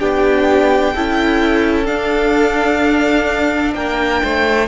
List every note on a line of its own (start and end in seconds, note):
0.00 0.95 B3
0.00 0.95 D4
0.00 0.94 G4
0.00 1.86 G5
0.94 1.89 C#4
0.94 1.85 E4
0.94 3.75 A4
1.85 4.67 D4
1.85 3.74 D4
1.85 3.74 F5
3.74 4.21 A#3
3.74 4.23 A#4
3.74 4.68 G5
4.23 4.68 A3
4.23 4.68 C5